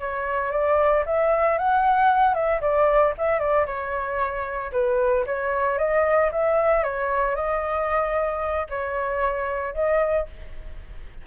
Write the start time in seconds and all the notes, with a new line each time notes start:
0.00 C#5
0.52 D5
1.06 E5
1.58 F#5
2.34 E5
2.61 D5
3.18 E5
3.39 D5
3.66 C#5
4.72 B4
5.26 C#5
5.78 D#5
6.32 E5
6.83 C#5
7.36 D#5
8.69 C#5
9.74 D#5